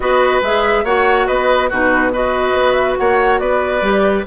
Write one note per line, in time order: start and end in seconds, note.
0.00 0.41 B3
0.00 0.42 F#4
0.00 0.84 B4
0.00 0.41 D#5
0.41 0.84 G#3
0.41 0.85 G#4
0.41 0.85 E5
0.84 1.26 A#3
0.84 1.70 F#4
0.84 1.26 C#5
0.84 1.27 F#5
1.26 1.71 B3
1.26 1.69 B4
1.26 1.69 D#5
1.69 2.52 B2
1.69 2.12 D#4
1.69 2.11 F#4
1.69 2.14 B4
2.12 3.82 F#4
2.12 2.98 B4
2.12 2.73 D#5
2.52 2.95 B3
2.73 2.94 E5
2.97 3.40 A#3
2.97 3.40 C#5
2.97 3.39 F#5
3.39 3.81 B3
3.39 4.25 B4
3.39 4.24 D5
3.81 4.24 G3
3.81 4.24 G4